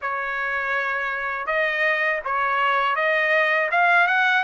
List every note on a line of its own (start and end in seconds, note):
0.01 1.46 C#5
1.46 2.20 D#5
2.24 2.95 C#5
2.95 3.69 D#5
3.71 4.07 F5
4.07 4.43 F#5